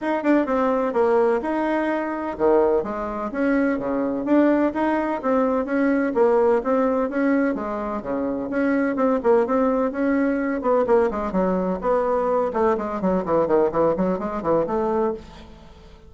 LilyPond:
\new Staff \with { instrumentName = "bassoon" } { \time 4/4 \tempo 4 = 127 dis'8 d'8 c'4 ais4 dis'4~ | dis'4 dis4 gis4 cis'4 | cis4 d'4 dis'4 c'4 | cis'4 ais4 c'4 cis'4 |
gis4 cis4 cis'4 c'8 ais8 | c'4 cis'4. b8 ais8 gis8 | fis4 b4. a8 gis8 fis8 | e8 dis8 e8 fis8 gis8 e8 a4 | }